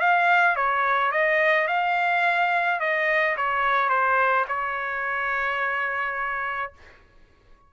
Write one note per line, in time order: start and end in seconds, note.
0.00 0.56 F5
0.56 1.12 C#5
1.12 1.68 D#5
1.68 2.80 F5
2.80 3.36 D#5
3.37 3.89 C#5
3.89 4.46 C5
4.48 6.73 C#5